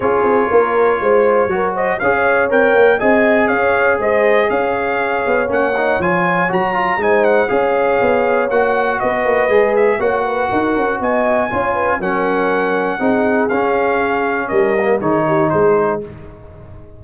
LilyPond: <<
  \new Staff \with { instrumentName = "trumpet" } { \time 4/4 \tempo 4 = 120 cis''2.~ cis''8 dis''8 | f''4 g''4 gis''4 f''4 | dis''4 f''2 fis''4 | gis''4 ais''4 gis''8 fis''8 f''4~ |
f''4 fis''4 dis''4. e''8 | fis''2 gis''2 | fis''2. f''4~ | f''4 dis''4 cis''4 c''4 | }
  \new Staff \with { instrumentName = "horn" } { \time 4/4 gis'4 ais'4 c''4 ais'8 c''8 | cis''2 dis''4 cis''4 | c''4 cis''2.~ | cis''2 c''4 cis''4~ |
cis''2 b'2 | cis''8 b'8 ais'4 dis''4 cis''8 b'8 | ais'2 gis'2~ | gis'4 ais'4 gis'8 g'8 gis'4 | }
  \new Staff \with { instrumentName = "trombone" } { \time 4/4 f'2. fis'4 | gis'4 ais'4 gis'2~ | gis'2. cis'8 dis'8 | f'4 fis'8 f'8 dis'4 gis'4~ |
gis'4 fis'2 gis'4 | fis'2. f'4 | cis'2 dis'4 cis'4~ | cis'4. ais8 dis'2 | }
  \new Staff \with { instrumentName = "tuba" } { \time 4/4 cis'8 c'8 ais4 gis4 fis4 | cis'4 c'8 ais8 c'4 cis'4 | gis4 cis'4. b8 ais4 | f4 fis4 gis4 cis'4 |
b4 ais4 b8 ais8 gis4 | ais4 dis'8 cis'8 b4 cis'4 | fis2 c'4 cis'4~ | cis'4 g4 dis4 gis4 | }
>>